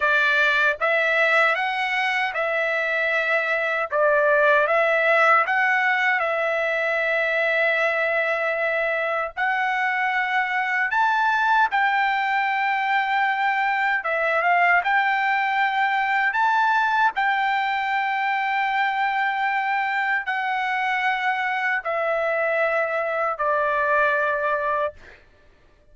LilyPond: \new Staff \with { instrumentName = "trumpet" } { \time 4/4 \tempo 4 = 77 d''4 e''4 fis''4 e''4~ | e''4 d''4 e''4 fis''4 | e''1 | fis''2 a''4 g''4~ |
g''2 e''8 f''8 g''4~ | g''4 a''4 g''2~ | g''2 fis''2 | e''2 d''2 | }